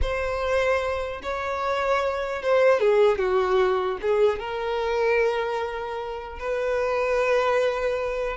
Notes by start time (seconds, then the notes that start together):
0.01 C5
1.22 C#5
2.42 C5
2.80 G#4
3.18 F#4
4.01 G#4
4.39 A#4
6.39 B4